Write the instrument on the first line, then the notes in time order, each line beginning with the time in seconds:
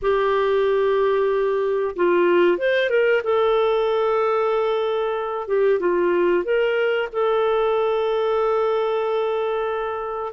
clarinet
0.01 G4
1.96 F4
2.58 C5
2.89 A#4
3.23 A4
5.47 G4
5.79 F4
6.44 A#4
7.12 A4